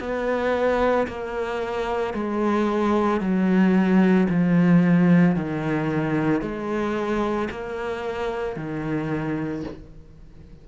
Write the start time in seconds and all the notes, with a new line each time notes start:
0.00 B3
1.08 A#3
2.14 G#3
3.21 F#3
4.30 F3
5.36 D#3
6.42 G#3
7.51 A#3
8.57 D#3